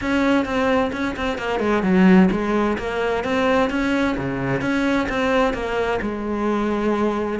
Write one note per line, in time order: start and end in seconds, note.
0.01 0.45 C#4
0.45 0.91 C4
0.92 1.15 C#4
1.16 1.38 C4
1.38 1.59 A#3
1.59 1.82 G#3
1.83 2.29 F#3
2.31 2.77 G#3
2.78 3.23 A#3
3.23 3.69 C4
3.69 4.16 C#4
4.17 4.61 C#3
4.61 5.07 C#4
5.08 5.53 C4
5.53 5.99 A#3
6.01 7.39 G#3